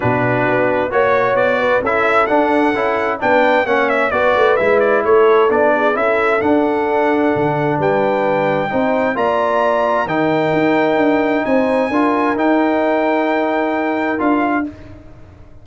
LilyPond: <<
  \new Staff \with { instrumentName = "trumpet" } { \time 4/4 \tempo 4 = 131 b'2 cis''4 d''4 | e''4 fis''2 g''4 | fis''8 e''8 d''4 e''8 d''8 cis''4 | d''4 e''4 fis''2~ |
fis''4 g''2. | ais''2 g''2~ | g''4 gis''2 g''4~ | g''2. f''4 | }
  \new Staff \with { instrumentName = "horn" } { \time 4/4 fis'2 cis''4. b'8 | a'2. b'4 | cis''4 b'2 a'4~ | a'8 gis'8 a'2.~ |
a'4 b'2 c''4 | d''2 ais'2~ | ais'4 c''4 ais'2~ | ais'1 | }
  \new Staff \with { instrumentName = "trombone" } { \time 4/4 d'2 fis'2 | e'4 d'4 e'4 d'4 | cis'4 fis'4 e'2 | d'4 e'4 d'2~ |
d'2. dis'4 | f'2 dis'2~ | dis'2 f'4 dis'4~ | dis'2. f'4 | }
  \new Staff \with { instrumentName = "tuba" } { \time 4/4 b,4 b4 ais4 b4 | cis'4 d'4 cis'4 b4 | ais4 b8 a8 gis4 a4 | b4 cis'4 d'2 |
d4 g2 c'4 | ais2 dis4 dis'4 | d'4 c'4 d'4 dis'4~ | dis'2. d'4 | }
>>